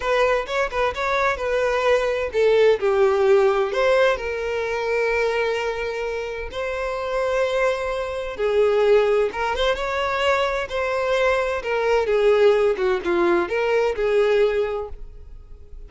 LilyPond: \new Staff \with { instrumentName = "violin" } { \time 4/4 \tempo 4 = 129 b'4 cis''8 b'8 cis''4 b'4~ | b'4 a'4 g'2 | c''4 ais'2.~ | ais'2 c''2~ |
c''2 gis'2 | ais'8 c''8 cis''2 c''4~ | c''4 ais'4 gis'4. fis'8 | f'4 ais'4 gis'2 | }